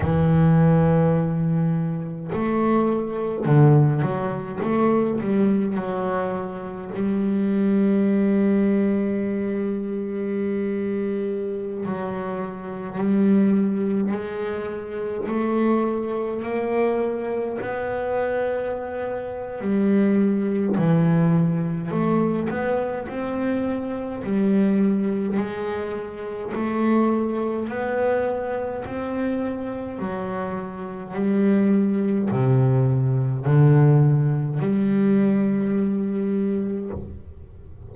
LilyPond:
\new Staff \with { instrumentName = "double bass" } { \time 4/4 \tempo 4 = 52 e2 a4 d8 fis8 | a8 g8 fis4 g2~ | g2~ g16 fis4 g8.~ | g16 gis4 a4 ais4 b8.~ |
b4 g4 e4 a8 b8 | c'4 g4 gis4 a4 | b4 c'4 fis4 g4 | c4 d4 g2 | }